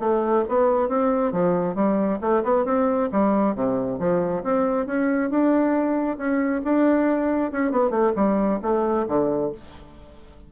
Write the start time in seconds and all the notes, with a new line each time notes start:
0.00 A3
0.49 B3
0.89 C4
1.32 F3
1.75 G3
2.21 A3
2.43 B3
2.65 C4
3.12 G3
3.55 C3
3.99 F3
4.44 C4
4.86 C#4
5.30 D4
6.18 C#4
6.65 D4
7.52 C#4
7.72 B3
7.91 A3
8.16 G3
8.62 A3
9.08 D3